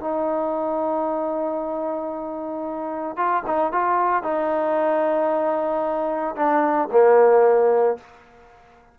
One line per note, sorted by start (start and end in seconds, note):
0.00 3.16 D#4
3.16 3.43 F4
3.46 3.72 D#4
3.72 4.23 F4
4.23 6.35 D#4
6.35 6.89 D4
6.91 7.97 A#3